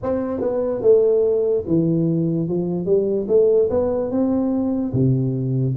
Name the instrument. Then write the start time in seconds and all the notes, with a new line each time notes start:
tuba
0.02 C4
0.40 B3
0.81 A3
1.67 E3
2.48 F3
2.85 G3
3.28 A3
3.70 B3
4.10 C4
4.93 C3